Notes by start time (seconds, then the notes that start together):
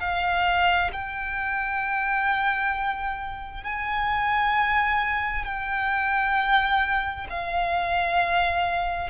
0.00 F5
0.92 G5
3.64 G#5
5.45 G5
7.30 F5